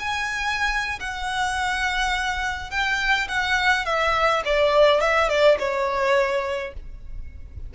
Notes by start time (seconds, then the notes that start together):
0.00 G#5
1.00 F#5
2.71 G5
3.29 F#5
3.86 E5
4.45 D5
5.01 E5
5.30 D5
5.60 C#5